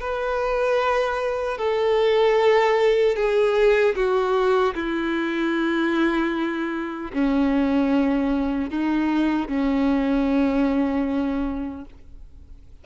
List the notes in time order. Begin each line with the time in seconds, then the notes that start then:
0.00 B4
1.58 A4
3.16 G#4
3.95 F#4
4.75 E4
7.13 C#4
8.70 D#4
9.48 C#4